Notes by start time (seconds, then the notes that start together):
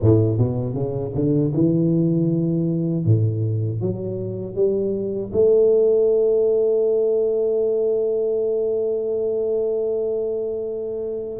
0.01 A2
0.37 B2
0.73 C#3
1.15 D3
1.54 E3
3.05 A2
3.80 F#3
4.55 G3
5.32 A3